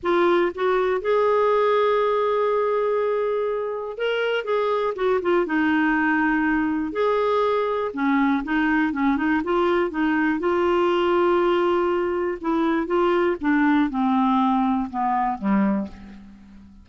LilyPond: \new Staff \with { instrumentName = "clarinet" } { \time 4/4 \tempo 4 = 121 f'4 fis'4 gis'2~ | gis'1 | ais'4 gis'4 fis'8 f'8 dis'4~ | dis'2 gis'2 |
cis'4 dis'4 cis'8 dis'8 f'4 | dis'4 f'2.~ | f'4 e'4 f'4 d'4 | c'2 b4 g4 | }